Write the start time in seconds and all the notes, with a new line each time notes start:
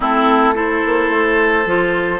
0.00 A3 C4 E4 A4
0.54 E4 A4 C5
0.86 A#3
1.10 A3
1.65 F3 F4